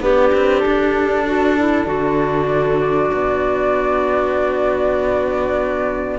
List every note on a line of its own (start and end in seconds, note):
0.00 0.31 B3
0.00 6.19 D4
0.00 1.25 G4
0.00 0.59 B4
0.32 0.63 C4
0.59 2.45 A4
0.65 1.87 D4
1.25 1.56 F#4
1.58 1.86 E4
1.86 3.10 D3
1.86 6.19 F#4
2.48 2.63 D5
2.64 2.80 A4
2.80 6.19 D5
3.13 6.19 B3